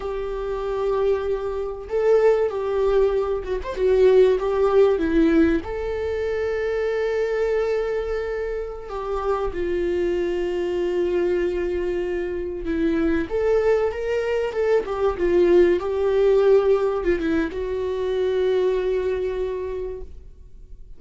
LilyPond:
\new Staff \with { instrumentName = "viola" } { \time 4/4 \tempo 4 = 96 g'2. a'4 | g'4. fis'16 c''16 fis'4 g'4 | e'4 a'2.~ | a'2~ a'16 g'4 f'8.~ |
f'1~ | f'16 e'4 a'4 ais'4 a'8 g'16~ | g'16 f'4 g'2 f'16 e'8 | fis'1 | }